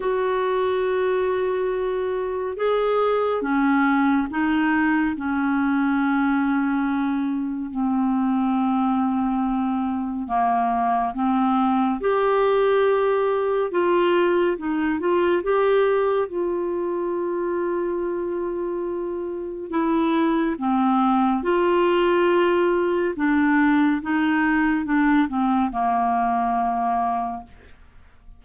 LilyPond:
\new Staff \with { instrumentName = "clarinet" } { \time 4/4 \tempo 4 = 70 fis'2. gis'4 | cis'4 dis'4 cis'2~ | cis'4 c'2. | ais4 c'4 g'2 |
f'4 dis'8 f'8 g'4 f'4~ | f'2. e'4 | c'4 f'2 d'4 | dis'4 d'8 c'8 ais2 | }